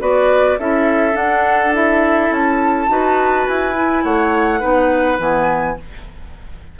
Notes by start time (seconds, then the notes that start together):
0.00 B3 F#4 B4 D5
0.59 C#4 E4 A4 E5
1.13 D4 F#5
1.73 E4 E5
2.31 C#4 A5
2.88 D#4 F#4 B4
3.48 E4 G#5
3.75 E4
4.04 A3 C#5 F#5
4.60 B3 D#4 B4
5.20 E3 B3 G#5